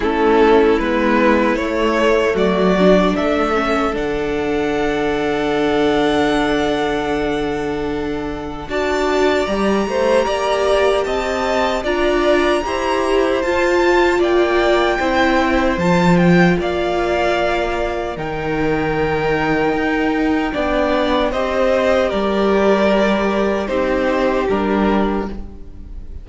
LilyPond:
<<
  \new Staff \with { instrumentName = "violin" } { \time 4/4 \tempo 4 = 76 a'4 b'4 cis''4 d''4 | e''4 fis''2.~ | fis''2. a''4 | ais''2 a''4 ais''4~ |
ais''4 a''4 g''2 | a''8 g''8 f''2 g''4~ | g''2. dis''4 | d''2 c''4 ais'4 | }
  \new Staff \with { instrumentName = "violin" } { \time 4/4 e'2. fis'4 | a'1~ | a'2. d''4~ | d''8 c''8 d''4 dis''4 d''4 |
c''2 d''4 c''4~ | c''4 d''2 ais'4~ | ais'2 d''4 c''4 | ais'2 g'2 | }
  \new Staff \with { instrumentName = "viola" } { \time 4/4 cis'4 b4 a4. d'8~ | d'8 cis'8 d'2.~ | d'2. fis'4 | g'2. f'4 |
g'4 f'2 e'4 | f'2. dis'4~ | dis'2 d'4 g'4~ | g'2 dis'4 d'4 | }
  \new Staff \with { instrumentName = "cello" } { \time 4/4 a4 gis4 a4 fis4 | a4 d2.~ | d2. d'4 | g8 a8 ais4 c'4 d'4 |
e'4 f'4 ais4 c'4 | f4 ais2 dis4~ | dis4 dis'4 b4 c'4 | g2 c'4 g4 | }
>>